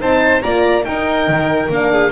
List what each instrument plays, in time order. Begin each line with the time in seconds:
0.00 double bass C4, horn D#4, violin C5, oboe A5
0.43 double bass A#3, horn F4, violin D5, oboe A#5
0.83 horn D#4, double bass D#4, violin A#4, oboe G5
1.28 double bass D#3
1.69 double bass A#3, horn D4, oboe F5
1.92 violin G#4